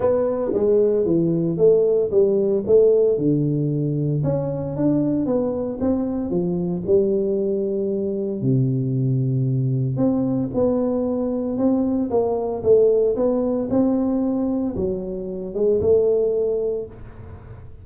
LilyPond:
\new Staff \with { instrumentName = "tuba" } { \time 4/4 \tempo 4 = 114 b4 gis4 e4 a4 | g4 a4 d2 | cis'4 d'4 b4 c'4 | f4 g2. |
c2. c'4 | b2 c'4 ais4 | a4 b4 c'2 | fis4. gis8 a2 | }